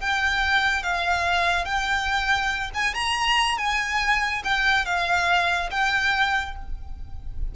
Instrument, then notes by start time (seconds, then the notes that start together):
violin
0.00 G5
0.83 F5
1.65 G5
2.74 G#5
2.94 A#5
3.58 G#5
4.44 G5
4.85 F5
5.71 G5